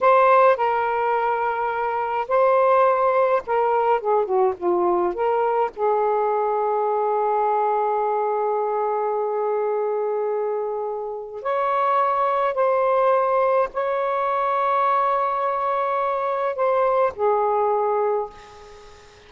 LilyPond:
\new Staff \with { instrumentName = "saxophone" } { \time 4/4 \tempo 4 = 105 c''4 ais'2. | c''2 ais'4 gis'8 fis'8 | f'4 ais'4 gis'2~ | gis'1~ |
gis'1 | cis''2 c''2 | cis''1~ | cis''4 c''4 gis'2 | }